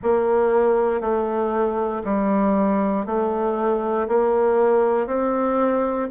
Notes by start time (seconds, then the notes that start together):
0.02 A#3
1.00 A3
2.04 G3
3.06 A3
4.07 A#3
5.07 C4